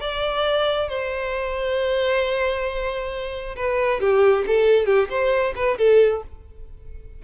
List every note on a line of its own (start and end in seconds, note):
0.00 0.88 D5
0.88 3.55 C5
3.56 4.00 B4
4.00 4.44 G4
4.47 4.86 A4
4.86 5.08 G4
5.09 5.54 C5
5.55 5.77 B4
5.77 6.22 A4